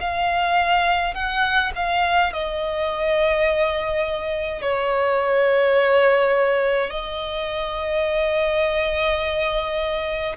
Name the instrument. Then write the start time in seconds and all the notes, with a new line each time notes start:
violin
0.00 F5
1.14 F#5
1.75 F5
2.33 D#5
4.62 C#5
6.90 D#5